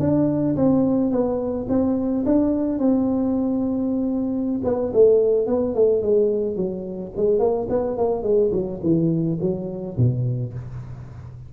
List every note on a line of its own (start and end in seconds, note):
0.00 0.56 D4
0.56 1.11 C4
1.11 1.67 B3
1.69 2.25 C4
2.26 2.79 D4
2.79 4.62 C4
4.64 4.92 B3
4.93 5.47 A3
5.47 5.75 B3
5.75 6.02 A3
6.02 6.57 G#3
6.57 7.13 F#3
7.17 7.40 G#3
7.40 7.68 A#3
7.69 7.97 B3
7.97 8.23 A#3
8.23 8.51 G#3
8.53 8.81 F#3
8.83 9.39 E3
9.41 9.97 F#3
9.98 10.54 B2